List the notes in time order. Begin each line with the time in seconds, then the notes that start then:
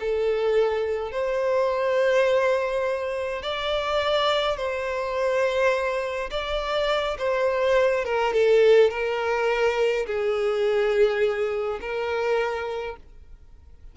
0.00 A4
1.12 C5
3.42 D5
4.57 C5
6.31 D5
7.19 C5
8.05 A#4
8.33 A4
8.91 A#4
10.06 G#4
11.81 A#4